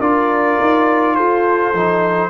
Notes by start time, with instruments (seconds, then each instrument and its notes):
0.00 tuba D4, trombone F4, horn A#4, trumpet D5
0.61 tuba D#4
1.16 tuba F4, horn A4, trumpet C5
1.73 tuba F3, trombone D#4